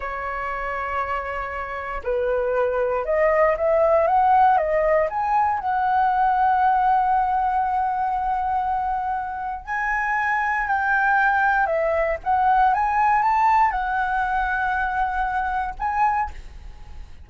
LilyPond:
\new Staff \with { instrumentName = "flute" } { \time 4/4 \tempo 4 = 118 cis''1 | b'2 dis''4 e''4 | fis''4 dis''4 gis''4 fis''4~ | fis''1~ |
fis''2. gis''4~ | gis''4 g''2 e''4 | fis''4 gis''4 a''4 fis''4~ | fis''2. gis''4 | }